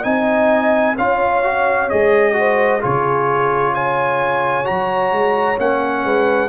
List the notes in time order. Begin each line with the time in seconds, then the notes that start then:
0.00 C4 D#4 D#5 G#5
0.95 C#4 F4 C#5 F5
1.42 F#4
1.89 G#3 G#4 D#5
2.32 F#4 C5
2.80 C#3 F4 G#4 C#5
3.74 C#5 G#5
4.64 F#3 F#4 A#5
5.11 G#3
5.57 A#3 C#4 F#5
6.04 G#3 B4